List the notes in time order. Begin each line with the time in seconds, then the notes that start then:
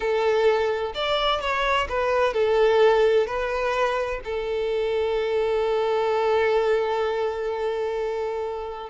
0.00 A4
0.94 D5
1.40 C#5
1.88 B4
2.33 A4
3.26 B4
4.24 A4